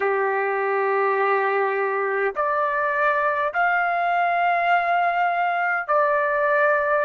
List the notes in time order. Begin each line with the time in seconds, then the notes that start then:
0.00 G4
2.35 D5
3.53 F5
5.87 D5